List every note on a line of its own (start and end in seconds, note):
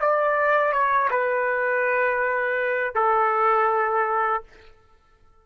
0.00 0.72 D5
0.72 1.09 C#5
1.10 2.95 B4
2.95 4.43 A4